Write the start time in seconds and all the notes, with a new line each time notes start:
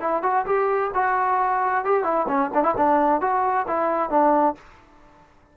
0.00 E4
0.22 F#4
0.45 G4
0.94 F#4
1.84 G4
2.03 E4
2.28 C#4
2.54 D4
2.63 E4
2.77 D4
3.20 F#4
3.67 E4
4.09 D4